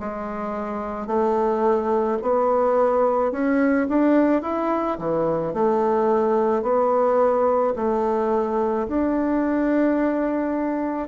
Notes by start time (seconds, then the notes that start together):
0.00 G#3
1.07 A3
2.22 B3
3.32 C#4
3.89 D4
4.42 E4
4.98 E3
5.54 A3
6.63 B3
7.76 A3
8.88 D4